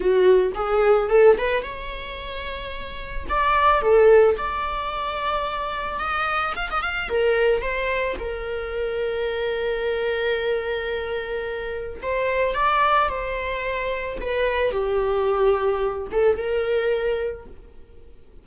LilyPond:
\new Staff \with { instrumentName = "viola" } { \time 4/4 \tempo 4 = 110 fis'4 gis'4 a'8 b'8 cis''4~ | cis''2 d''4 a'4 | d''2. dis''4 | f''16 dis''16 f''8 ais'4 c''4 ais'4~ |
ais'1~ | ais'2 c''4 d''4 | c''2 b'4 g'4~ | g'4. a'8 ais'2 | }